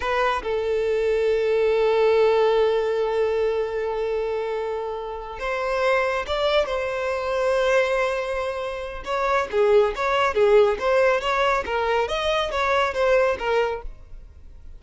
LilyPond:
\new Staff \with { instrumentName = "violin" } { \time 4/4 \tempo 4 = 139 b'4 a'2.~ | a'1~ | a'1~ | a'8 c''2 d''4 c''8~ |
c''1~ | c''4 cis''4 gis'4 cis''4 | gis'4 c''4 cis''4 ais'4 | dis''4 cis''4 c''4 ais'4 | }